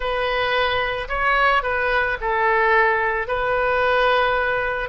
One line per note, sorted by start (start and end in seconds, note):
0.00 1.08 B4
1.08 1.62 C#5
1.62 2.17 B4
2.20 3.27 A4
3.27 4.89 B4